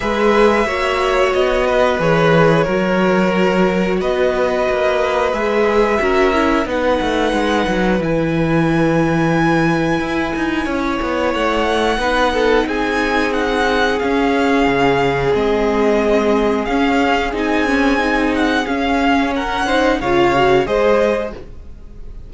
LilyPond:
<<
  \new Staff \with { instrumentName = "violin" } { \time 4/4 \tempo 4 = 90 e''2 dis''4 cis''4~ | cis''2 dis''2 | e''2 fis''2 | gis''1~ |
gis''4 fis''2 gis''4 | fis''4 f''2 dis''4~ | dis''4 f''4 gis''4. fis''8 | f''4 fis''4 f''4 dis''4 | }
  \new Staff \with { instrumentName = "violin" } { \time 4/4 b'4 cis''4. b'4. | ais'2 b'2~ | b'4 ais'4 b'2~ | b'1 |
cis''2 b'8 a'8 gis'4~ | gis'1~ | gis'1~ | gis'4 ais'8 c''8 cis''4 c''4 | }
  \new Staff \with { instrumentName = "viola" } { \time 4/4 gis'4 fis'2 gis'4 | fis'1 | gis'4 fis'8 e'8 dis'2 | e'1~ |
e'2 dis'2~ | dis'4 cis'2 c'4~ | c'4 cis'4 dis'8 cis'8 dis'4 | cis'4. dis'8 f'8 fis'8 gis'4 | }
  \new Staff \with { instrumentName = "cello" } { \time 4/4 gis4 ais4 b4 e4 | fis2 b4 ais4 | gis4 cis'4 b8 a8 gis8 fis8 | e2. e'8 dis'8 |
cis'8 b8 a4 b4 c'4~ | c'4 cis'4 cis4 gis4~ | gis4 cis'4 c'2 | cis'2 cis4 gis4 | }
>>